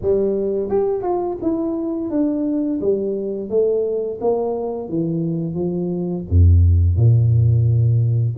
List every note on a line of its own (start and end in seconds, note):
0.01 0.69 G3
0.69 1.02 G4
1.02 1.37 F4
1.41 2.10 E4
2.10 2.80 D4
2.80 3.49 G3
3.49 4.19 A3
4.20 4.88 A#3
4.88 5.54 E3
5.54 6.24 F3
6.29 6.96 F2
6.96 8.36 A#2